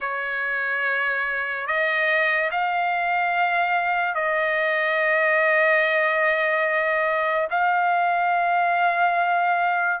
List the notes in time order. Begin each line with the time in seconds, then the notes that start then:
0.00 C#5
1.67 D#5
2.51 F5
4.14 D#5
7.50 F5